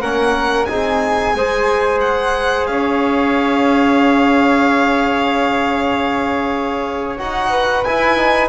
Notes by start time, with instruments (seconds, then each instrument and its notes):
0.00 double bass A#3, trombone C#4, flute A#4, violin F#5
0.65 double bass C4, trombone D#4, flute G#4, violin G#5
1.34 double bass G#3, trombone G#4, flute C5
2.00 violin F#5
2.66 double bass C#4, flute C#5, violin F5
7.18 double bass D#4, trombone F#4, violin F#5
7.50 flute B4
7.84 trombone E4, double bass E4, violin G#5
8.17 trombone D#4